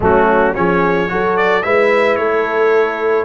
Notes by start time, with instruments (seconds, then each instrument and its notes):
0.00 tuba F#3, trombone A3, horn C#4, trumpet F#4
0.54 tuba F3, trombone C#4, horn G#4, trumpet C#5
1.08 tuba F#3, trombone F#4, horn A4
1.36 trumpet D5
1.62 tuba G#3, trombone E4, horn B4, trumpet E5
2.15 tuba A3, horn A4, trumpet C#5